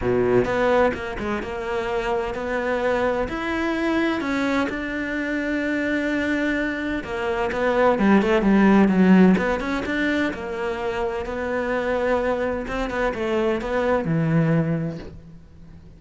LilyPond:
\new Staff \with { instrumentName = "cello" } { \time 4/4 \tempo 4 = 128 b,4 b4 ais8 gis8 ais4~ | ais4 b2 e'4~ | e'4 cis'4 d'2~ | d'2. ais4 |
b4 g8 a8 g4 fis4 | b8 cis'8 d'4 ais2 | b2. c'8 b8 | a4 b4 e2 | }